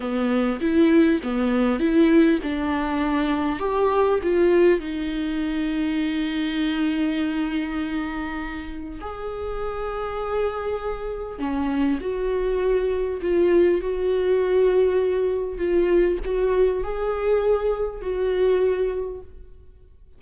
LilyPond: \new Staff \with { instrumentName = "viola" } { \time 4/4 \tempo 4 = 100 b4 e'4 b4 e'4 | d'2 g'4 f'4 | dis'1~ | dis'2. gis'4~ |
gis'2. cis'4 | fis'2 f'4 fis'4~ | fis'2 f'4 fis'4 | gis'2 fis'2 | }